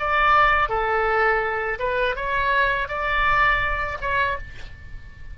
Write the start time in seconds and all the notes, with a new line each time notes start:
0.00 D5
0.70 A4
1.80 B4
2.16 C#5
2.89 D5
4.01 C#5